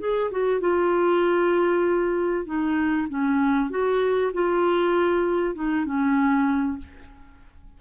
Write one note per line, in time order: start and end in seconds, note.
0.00 0.31 G#4
0.31 0.61 F#4
0.61 2.46 F4
2.46 3.08 D#4
3.09 3.70 C#4
3.70 4.32 F#4
4.34 5.55 F4
5.55 5.86 D#4
5.86 6.78 C#4